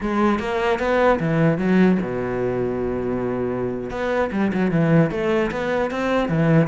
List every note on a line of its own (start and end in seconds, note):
0.00 0.39 G#3
0.39 0.79 A#3
0.79 1.19 B3
1.19 1.58 E3
1.58 1.98 F#3
2.01 3.90 B2
3.90 4.30 B3
4.32 4.52 G3
4.53 4.71 F#3
4.71 5.10 E3
5.10 5.50 A3
5.51 5.91 B3
5.91 6.28 C4
6.28 6.67 E3